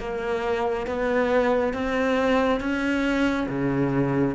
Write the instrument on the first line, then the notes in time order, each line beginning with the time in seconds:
cello
0.00 A#3
0.87 B3
1.74 C4
2.60 C#4
3.49 C#3